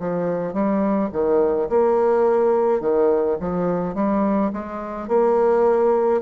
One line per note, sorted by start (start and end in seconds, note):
0.00 0.54 F3
0.54 1.10 G3
1.13 1.69 D#3
1.70 2.81 A#3
2.81 3.38 D#3
3.41 3.95 F3
3.95 4.51 G3
4.53 5.08 G#3
5.08 6.22 A#3